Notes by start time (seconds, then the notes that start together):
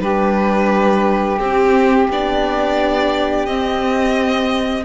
0.00 G3 D4 G4 B4
1.39 C4 G4
2.10 B3 D4 D5
3.46 C4 D#5